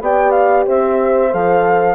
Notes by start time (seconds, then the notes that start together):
0.00 B3 G4 D5 G5
0.31 F5
0.66 C4 C5 E5
1.31 F3 A4 F5